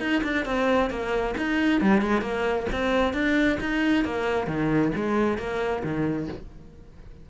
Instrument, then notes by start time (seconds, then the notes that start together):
cello
0.00 D#4
0.24 D4
0.45 C4
0.90 A#3
1.38 D#4
1.81 G3
2.01 G#3
2.22 A#3
2.72 C4
3.14 D4
3.60 D#4
4.04 A#3
4.47 D#3
4.96 G#3
5.38 A#3
5.84 D#3